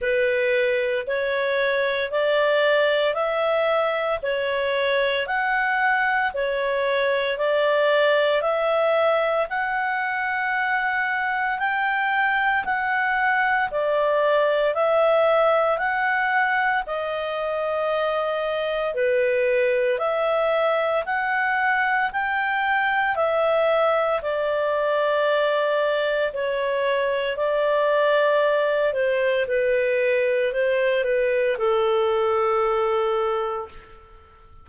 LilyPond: \new Staff \with { instrumentName = "clarinet" } { \time 4/4 \tempo 4 = 57 b'4 cis''4 d''4 e''4 | cis''4 fis''4 cis''4 d''4 | e''4 fis''2 g''4 | fis''4 d''4 e''4 fis''4 |
dis''2 b'4 e''4 | fis''4 g''4 e''4 d''4~ | d''4 cis''4 d''4. c''8 | b'4 c''8 b'8 a'2 | }